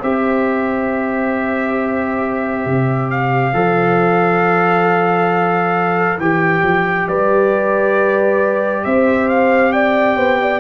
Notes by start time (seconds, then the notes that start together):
0.00 C4 G4 C5 E5
2.66 C3
3.11 F5
3.53 F3 A4
6.18 E3 G4 G5
6.63 F3
7.08 G3 B4 D5
8.85 C4 C5 E5
9.29 F5
9.73 D5 G5
10.16 B3 C5
10.41 D5